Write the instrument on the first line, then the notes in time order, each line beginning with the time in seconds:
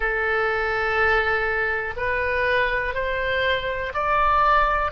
oboe
0.00 A4
1.96 B4
2.94 C5
3.93 D5